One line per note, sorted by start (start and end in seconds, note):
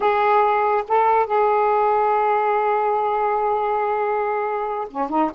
0.00 0.83 G#4
0.88 1.26 A4
1.26 4.88 G#4
4.89 5.09 C#4
5.09 5.30 D#4